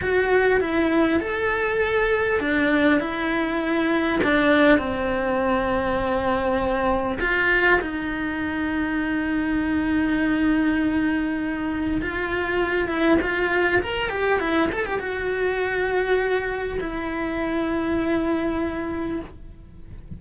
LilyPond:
\new Staff \with { instrumentName = "cello" } { \time 4/4 \tempo 4 = 100 fis'4 e'4 a'2 | d'4 e'2 d'4 | c'1 | f'4 dis'2.~ |
dis'1 | f'4. e'8 f'4 ais'8 g'8 | e'8 a'16 g'16 fis'2. | e'1 | }